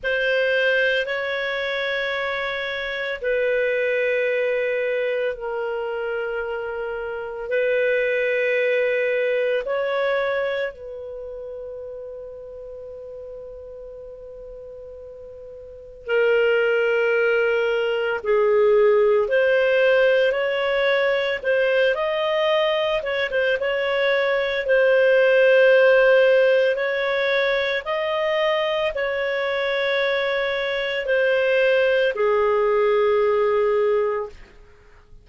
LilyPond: \new Staff \with { instrumentName = "clarinet" } { \time 4/4 \tempo 4 = 56 c''4 cis''2 b'4~ | b'4 ais'2 b'4~ | b'4 cis''4 b'2~ | b'2. ais'4~ |
ais'4 gis'4 c''4 cis''4 | c''8 dis''4 cis''16 c''16 cis''4 c''4~ | c''4 cis''4 dis''4 cis''4~ | cis''4 c''4 gis'2 | }